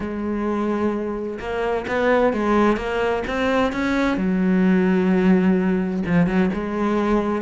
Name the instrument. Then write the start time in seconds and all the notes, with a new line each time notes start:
cello
0.00 G#3
1.39 A#3
1.87 B3
2.33 G#3
2.77 A#3
3.27 C4
3.72 C#4
4.17 F#3
6.06 F3
6.26 F#3
6.53 G#3